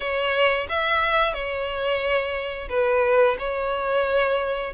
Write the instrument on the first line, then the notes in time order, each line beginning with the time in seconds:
violin
0.00 C#5
0.69 E5
1.33 C#5
2.69 B4
3.39 C#5